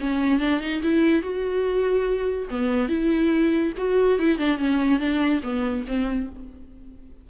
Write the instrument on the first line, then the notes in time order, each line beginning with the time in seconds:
viola
0.00 C#4
0.39 D4
0.60 D#4
0.83 E4
1.22 F#4
2.50 B3
2.88 E4
3.77 F#4
4.19 E4
4.38 D4
4.58 C#4
4.99 D4
5.43 B3
5.87 C4